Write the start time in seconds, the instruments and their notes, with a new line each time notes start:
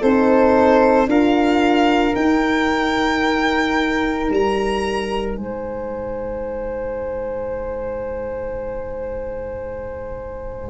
0.00 tuba C4, horn D#4, flute A4, violin C5
1.06 tuba D4, horn F4, flute A#4, violin F5
2.15 horn D#4, tuba D#4, violin G5
4.29 tuba G3, violin A#5
5.36 tuba G#3, flute C5, violin G#5